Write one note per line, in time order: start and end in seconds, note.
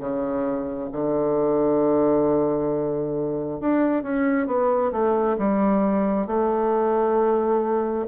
0.00 0.90 C#3
0.92 3.61 D3
3.61 4.03 D4
4.03 4.47 C#4
4.47 4.92 B3
4.93 5.37 A3
5.39 6.27 G3
6.27 8.06 A3